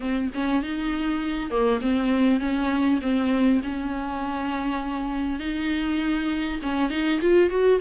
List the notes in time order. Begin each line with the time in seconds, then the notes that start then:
0.00 C4
0.34 C#4
0.62 D#4
1.50 A#3
1.81 C4
2.39 C#4
3.01 C4
3.63 C#4
5.39 D#4
6.62 C#4
6.90 D#4
7.21 F4
7.49 F#4